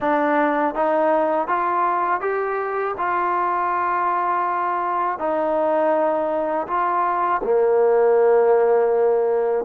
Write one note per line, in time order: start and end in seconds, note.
0.00 0.74 D4
0.74 1.47 D#4
1.47 2.21 F4
2.21 2.95 G4
2.97 5.19 F4
5.19 6.67 D#4
6.67 7.41 F4
7.43 9.64 A#3